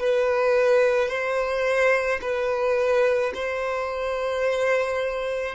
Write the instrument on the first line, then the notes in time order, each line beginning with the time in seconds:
violin
0.00 B4
1.09 C5
2.22 B4
3.34 C5